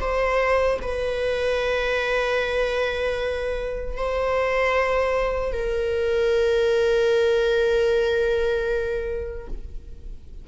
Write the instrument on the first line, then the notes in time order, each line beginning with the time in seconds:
viola
0.00 C5
0.81 B4
3.96 C5
5.52 A#4